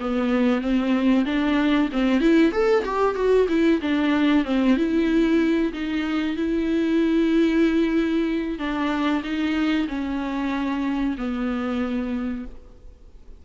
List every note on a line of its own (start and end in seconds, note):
0.00 0.61 B3
0.61 1.25 C4
1.25 1.89 D4
1.92 2.21 C4
2.21 2.52 E4
2.52 2.84 A4
2.84 3.15 G4
3.15 3.47 F#4
3.48 3.80 E4
3.82 4.45 D4
4.45 4.77 C4
4.77 5.72 E4
5.73 6.37 D#4
6.37 8.59 E4
8.59 9.22 D4
9.23 9.87 D#4
9.88 11.16 C#4
11.17 12.45 B3